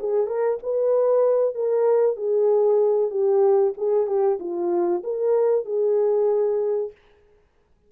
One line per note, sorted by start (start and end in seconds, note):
0.00 0.27 G#4
0.27 0.59 A#4
0.63 1.55 B4
1.55 2.17 A#4
2.17 3.11 G#4
3.11 3.74 G4
3.78 4.07 G#4
4.07 4.39 G4
4.40 5.03 F4
5.04 5.66 A#4
5.66 6.92 G#4